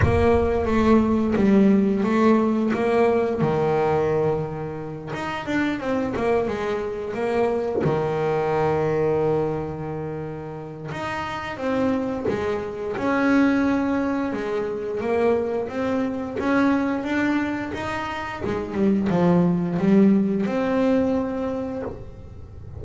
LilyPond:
\new Staff \with { instrumentName = "double bass" } { \time 4/4 \tempo 4 = 88 ais4 a4 g4 a4 | ais4 dis2~ dis8 dis'8 | d'8 c'8 ais8 gis4 ais4 dis8~ | dis1 |
dis'4 c'4 gis4 cis'4~ | cis'4 gis4 ais4 c'4 | cis'4 d'4 dis'4 gis8 g8 | f4 g4 c'2 | }